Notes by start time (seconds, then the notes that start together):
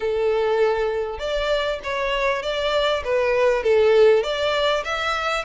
0.00 A4
1.18 D5
1.83 C#5
2.42 D5
3.04 B4
3.63 A4
4.23 D5
4.84 E5